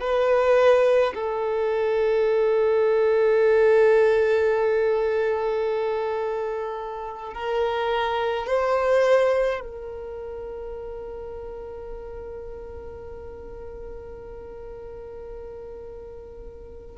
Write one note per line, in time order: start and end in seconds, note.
0.00 1.13 B4
1.14 7.34 A4
7.34 8.47 A#4
8.47 9.60 C5
9.60 16.96 A#4